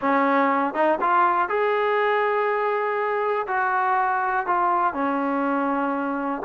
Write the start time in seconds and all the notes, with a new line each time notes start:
0.01 C#4
0.73 D#4
1.00 F4
1.48 G#4
3.47 F#4
4.46 F4
4.93 C#4